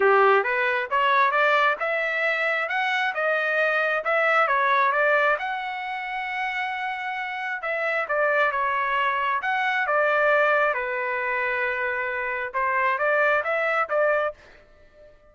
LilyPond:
\new Staff \with { instrumentName = "trumpet" } { \time 4/4 \tempo 4 = 134 g'4 b'4 cis''4 d''4 | e''2 fis''4 dis''4~ | dis''4 e''4 cis''4 d''4 | fis''1~ |
fis''4 e''4 d''4 cis''4~ | cis''4 fis''4 d''2 | b'1 | c''4 d''4 e''4 d''4 | }